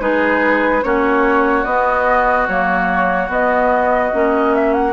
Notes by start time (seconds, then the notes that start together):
0.00 G#3 D#4 G#4 B4
0.84 A#3 C#4 F#4 C#5
1.65 B3 D#5
2.48 F#3 A#3 C#5
3.29 B3 D#5
4.13 A#3 C#4
4.55 E5
4.74 F#5